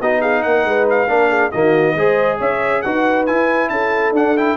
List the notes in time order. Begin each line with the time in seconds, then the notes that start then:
0.00 B3 D#4 F#4 D#5
0.21 G#4 F5
0.43 A#3 A#4 F#5
0.64 G#3 B4
0.90 F5
1.08 A#3 D4 A#4
1.29 G#4
1.51 D#3 A#3 F#4 D#5
1.95 G#3 G#4 C5
2.38 C#4 C#5 E5
2.82 D#4 F#4 B4 F#5
3.26 E4 G#5
3.69 C#4 A4 A5
4.11 D4 F#5
4.37 E4 G5